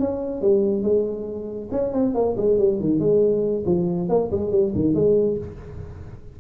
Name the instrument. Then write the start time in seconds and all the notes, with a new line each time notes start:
tuba
0.00 C#4
0.42 G3
0.83 G#3
1.72 C#4
1.93 C4
2.15 A#3
2.37 G#3
2.59 G3
2.80 D#3
3.00 G#3
3.66 F3
4.09 A#3
4.32 G#3
4.52 G3
4.75 D#3
4.95 G#3